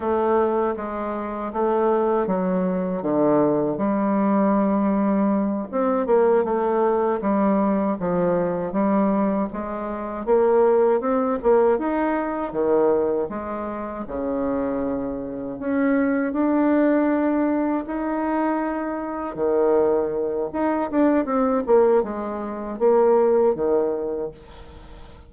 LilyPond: \new Staff \with { instrumentName = "bassoon" } { \time 4/4 \tempo 4 = 79 a4 gis4 a4 fis4 | d4 g2~ g8 c'8 | ais8 a4 g4 f4 g8~ | g8 gis4 ais4 c'8 ais8 dis'8~ |
dis'8 dis4 gis4 cis4.~ | cis8 cis'4 d'2 dis'8~ | dis'4. dis4. dis'8 d'8 | c'8 ais8 gis4 ais4 dis4 | }